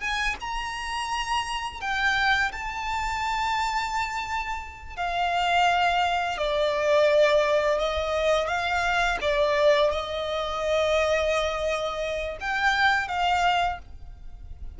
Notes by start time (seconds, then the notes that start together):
0.00 G#5
0.40 A#5
1.81 G5
2.52 A5
4.96 F5
6.37 D5
7.79 D#5
8.47 F5
9.21 D5
9.90 D#5
12.40 G5
13.08 F5